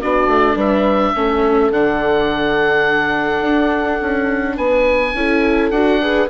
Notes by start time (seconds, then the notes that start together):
0.00 B3 D4 F#4 D5
0.27 A3
0.55 G3 B4 E5
1.15 A3 C#4 A4
1.70 D3 D4 F#5
3.41 D4
4.00 C#4
4.56 B3 B4 G#5
5.13 C#4 E4 A4
5.70 D4 F#4 F#5
6.01 G#4 B4